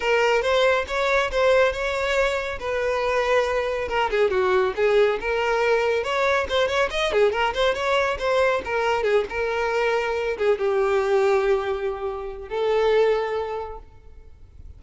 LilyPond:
\new Staff \with { instrumentName = "violin" } { \time 4/4 \tempo 4 = 139 ais'4 c''4 cis''4 c''4 | cis''2 b'2~ | b'4 ais'8 gis'8 fis'4 gis'4 | ais'2 cis''4 c''8 cis''8 |
dis''8 gis'8 ais'8 c''8 cis''4 c''4 | ais'4 gis'8 ais'2~ ais'8 | gis'8 g'2.~ g'8~ | g'4 a'2. | }